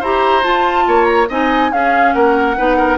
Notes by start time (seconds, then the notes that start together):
0.00 E4 G4 C5 A#5
0.43 F4 A5
0.88 A#3 C#5
1.05 A#5
1.29 C4 D#4 D#5 G#5
1.72 C#4 G#4 F5
2.13 A#3 A#4 F#5
2.57 B3 D#4 B4
2.77 A#4